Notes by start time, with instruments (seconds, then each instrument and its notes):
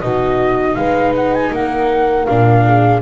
0.00 double bass B2, viola D#4, horn F#4, flute D#5
0.75 double bass G#3, horn B4, flute F5
1.15 flute F#5
1.34 flute G#5
1.51 double bass A#3, horn A#4, flute F#5
2.25 double bass A#2, viola D4, flute F5
2.64 horn G#4